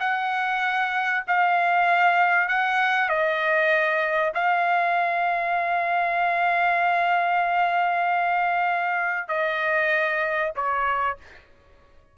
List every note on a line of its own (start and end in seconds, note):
0.00 1.24 F#5
1.27 2.48 F5
2.48 3.09 F#5
3.09 4.33 D#5
4.34 9.28 F5
9.28 10.52 D#5
10.56 11.18 C#5